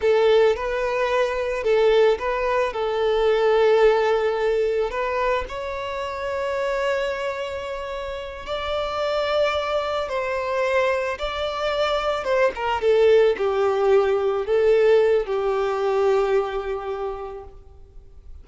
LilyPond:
\new Staff \with { instrumentName = "violin" } { \time 4/4 \tempo 4 = 110 a'4 b'2 a'4 | b'4 a'2.~ | a'4 b'4 cis''2~ | cis''2.~ cis''8 d''8~ |
d''2~ d''8 c''4.~ | c''8 d''2 c''8 ais'8 a'8~ | a'8 g'2 a'4. | g'1 | }